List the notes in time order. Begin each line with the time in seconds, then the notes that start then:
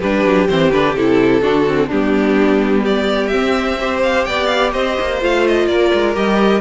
0.00 G3 D4 G4 B4
0.25 F#3
0.48 E3 C4 C5
0.72 D3 D4 B4
0.95 C3 E4 A4
1.42 D3 D4 F#4
1.67 C4
1.87 G3 B3 D4 G4
2.83 G4 D5
3.27 C4 E5
3.80 G4 C5
4.03 F5
4.25 B3 D5 G5
4.46 F5
4.73 C4 C5 D#5
5.00 A#3
5.21 A3 F4 F5
5.47 D#5
5.67 A#3 A#4 D5
5.94 G#3
6.14 G3 G4 D#5